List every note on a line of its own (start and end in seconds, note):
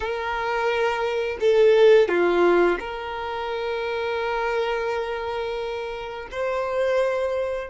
0.00 1.38 A#4
1.40 2.08 A4
2.08 2.78 F4
2.79 6.28 A#4
6.31 7.70 C5